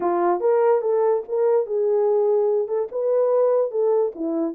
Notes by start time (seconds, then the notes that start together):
0.00 F4
0.40 A#4
0.81 A4
1.28 A#4
1.66 G#4
2.67 A4
2.91 B4
3.71 A4
4.15 E4